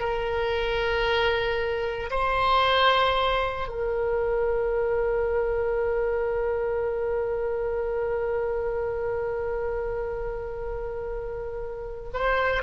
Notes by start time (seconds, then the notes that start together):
0.00 A#4
2.11 C5
3.68 A#4
12.14 C5